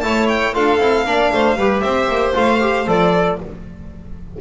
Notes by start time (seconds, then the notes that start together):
0.00 A3 E4 C#5 A5
0.28 G5
0.53 D4 F4 A4 F5
0.79 C4 E4
1.05 A#3 D4 D5
1.32 A3 C5
1.56 G3 G4 B4
1.80 C4 C5 E5
2.07 A#3
2.33 A3 F4 F5
2.60 G4
2.86 F3 A4 D5